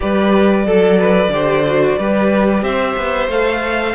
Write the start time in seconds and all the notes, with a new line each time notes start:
0.00 G3 G4 B4 D5
0.65 F#3 A4
0.99 B4
1.28 D3 G4 C5
1.66 F#4
1.98 G3 G4 B4
2.62 C4 C5 E5
2.96 B3
3.28 A3 A4 F5